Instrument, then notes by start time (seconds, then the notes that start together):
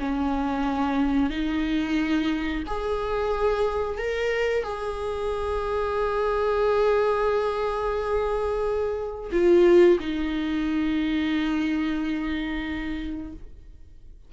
viola
0.00 C#4
1.30 D#4
2.67 G#4
3.98 A#4
4.64 G#4
9.32 F4
10.00 D#4